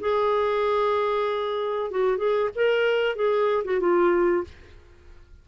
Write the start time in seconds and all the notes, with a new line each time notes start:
0.00 G#4
1.91 F#4
2.18 G#4
2.55 A#4
3.16 G#4
3.64 F#4
3.80 F4